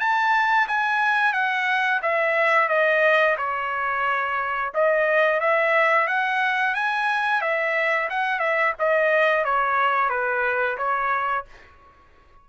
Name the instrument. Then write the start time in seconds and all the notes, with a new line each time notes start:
trumpet
0.00 A5
0.68 G#5
1.33 F#5
2.02 E5
2.69 D#5
3.38 C#5
4.75 D#5
5.41 E5
6.08 F#5
6.75 G#5
7.42 E5
8.10 F#5
8.40 E5
8.79 D#5
9.45 C#5
10.10 B4
10.78 C#5